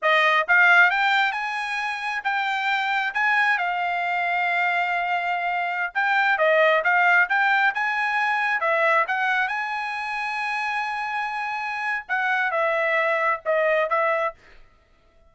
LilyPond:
\new Staff \with { instrumentName = "trumpet" } { \time 4/4 \tempo 4 = 134 dis''4 f''4 g''4 gis''4~ | gis''4 g''2 gis''4 | f''1~ | f''4~ f''16 g''4 dis''4 f''8.~ |
f''16 g''4 gis''2 e''8.~ | e''16 fis''4 gis''2~ gis''8.~ | gis''2. fis''4 | e''2 dis''4 e''4 | }